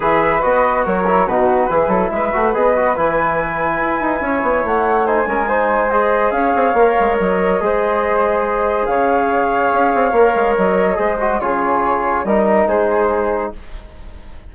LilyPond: <<
  \new Staff \with { instrumentName = "flute" } { \time 4/4 \tempo 4 = 142 e''4 dis''4 cis''4 b'4~ | b'4 e''4 dis''4 gis''4~ | gis''2. fis''4 | gis''2 dis''4 f''4~ |
f''4 dis''2.~ | dis''4 f''2.~ | f''4 dis''2 cis''4~ | cis''4 dis''4 c''2 | }
  \new Staff \with { instrumentName = "flute" } { \time 4/4 b'2 ais'4 fis'4 | gis'8 a'8 b'2.~ | b'2 cis''2 | c''8 ais'8 c''2 cis''4~ |
cis''2 c''2~ | c''4 cis''2.~ | cis''2 c''4 gis'4~ | gis'4 ais'4 gis'2 | }
  \new Staff \with { instrumentName = "trombone" } { \time 4/4 gis'4 fis'4. e'8 dis'4 | e'4. fis'8 gis'8 fis'8 e'4~ | e'1 | dis'8 cis'8 dis'4 gis'2 |
ais'2 gis'2~ | gis'1 | ais'2 gis'8 fis'8 f'4~ | f'4 dis'2. | }
  \new Staff \with { instrumentName = "bassoon" } { \time 4/4 e4 b4 fis4 b,4 | e8 fis8 gis8 a8 b4 e4~ | e4 e'8 dis'8 cis'8 b8 a4~ | a8 gis2~ gis8 cis'8 c'8 |
ais8 gis8 fis4 gis2~ | gis4 cis2 cis'8 c'8 | ais8 gis8 fis4 gis4 cis4~ | cis4 g4 gis2 | }
>>